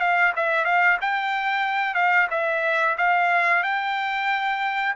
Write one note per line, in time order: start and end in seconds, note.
0.00 0.33 F5
0.36 0.65 E5
0.65 0.98 F5
1.01 1.95 G5
1.95 2.27 F5
2.30 2.96 E5
2.98 3.63 F5
3.63 4.95 G5